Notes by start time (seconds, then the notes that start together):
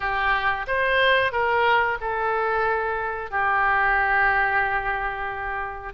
0.00 G4
0.67 C5
1.32 A#4
2.00 A4
3.31 G4